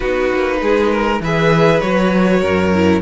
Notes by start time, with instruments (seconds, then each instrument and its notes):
0.00 cello B3, viola D#4, violin F#4 B4
0.32 cello A#3
0.61 cello G#3, violin G#4
0.91 violin A#4
1.20 cello E3, viola G#4, violin B4 E5
1.80 cello F#3, viola F#4, violin C#5
2.41 cello F#2, violin A#4
2.74 viola E4